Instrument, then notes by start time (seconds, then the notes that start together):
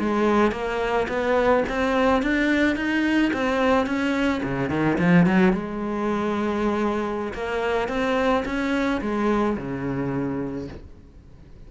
cello
0.00 G#3
0.52 A#3
1.09 B3
1.69 C4
2.23 D4
2.77 D#4
3.34 C4
3.87 C#4
4.44 C#3
4.70 D#3
4.99 F3
5.27 F#3
5.53 G#3
7.34 A#3
7.89 C4
8.46 C#4
9.02 G#3
9.58 C#3